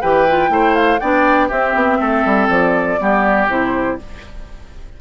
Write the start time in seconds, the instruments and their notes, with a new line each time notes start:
0.00 bassoon E3, clarinet G4, oboe B4, flute G5
0.29 clarinet F4
0.48 bassoon A3, clarinet E4, oboe C5
0.75 flute F5
0.99 bassoon B3, clarinet D4, oboe D5, flute G5
1.47 clarinet C4, bassoon C4, oboe G4, flute E5
1.74 bassoon B3
2.00 bassoon A3, oboe A4
2.25 bassoon G3
2.48 bassoon F3, flute D5
2.98 bassoon G3, clarinet B3, oboe G4
3.48 bassoon C3, clarinet E4, flute C5